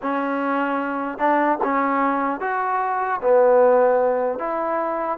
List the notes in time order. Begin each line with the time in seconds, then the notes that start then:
0.02 C#4
1.18 D4
1.63 C#4
2.40 F#4
3.21 B3
4.39 E4